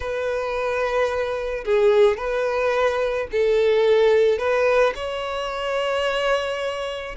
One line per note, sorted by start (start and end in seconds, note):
0.00 1.64 B4
1.64 2.17 G#4
2.17 3.27 B4
3.31 4.38 A4
4.38 4.93 B4
4.95 7.15 C#5